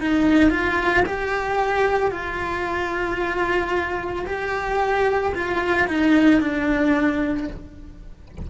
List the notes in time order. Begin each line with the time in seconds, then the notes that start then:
0.00 D#4
0.50 F4
1.06 G4
2.11 F4
4.26 G4
5.35 F4
5.87 D#4
6.41 D4